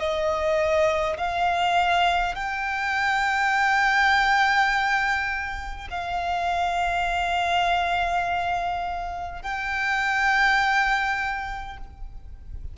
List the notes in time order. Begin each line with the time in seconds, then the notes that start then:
0.00 D#5
1.18 F5
2.35 G5
5.91 F5
9.43 G5